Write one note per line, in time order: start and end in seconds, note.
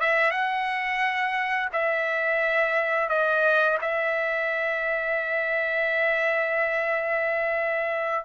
0.00 0.31 E5
0.31 1.69 F#5
1.73 3.09 E5
3.09 3.78 D#5
3.81 8.25 E5